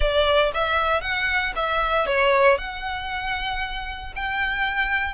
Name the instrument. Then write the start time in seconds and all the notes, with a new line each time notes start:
violin
0.00 D5
0.54 E5
1.01 F#5
1.55 E5
2.06 C#5
2.58 F#5
4.15 G5